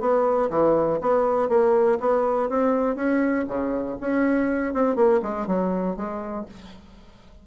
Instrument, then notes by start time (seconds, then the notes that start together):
bassoon
0.00 B3
0.50 E3
1.01 B3
1.49 A#3
2.00 B3
2.49 C4
2.96 C#4
3.48 C#3
4.00 C#4
4.74 C4
4.96 A#3
5.23 G#3
5.47 F#3
5.96 G#3